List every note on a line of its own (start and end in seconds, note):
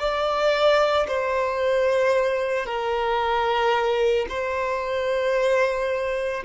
0.00 1.07 D5
1.08 2.66 C5
2.66 4.27 A#4
4.29 6.43 C5